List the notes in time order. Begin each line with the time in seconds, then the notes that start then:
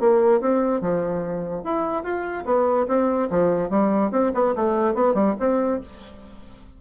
0.00 A#3
0.41 C4
0.81 F3
1.64 E4
2.04 F4
2.45 B3
2.88 C4
3.31 F3
3.70 G3
4.12 C4
4.35 B3
4.56 A3
4.95 B3
5.15 G3
5.40 C4